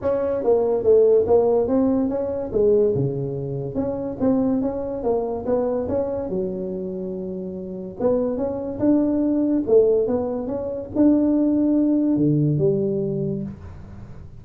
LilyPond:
\new Staff \with { instrumentName = "tuba" } { \time 4/4 \tempo 4 = 143 cis'4 ais4 a4 ais4 | c'4 cis'4 gis4 cis4~ | cis4 cis'4 c'4 cis'4 | ais4 b4 cis'4 fis4~ |
fis2. b4 | cis'4 d'2 a4 | b4 cis'4 d'2~ | d'4 d4 g2 | }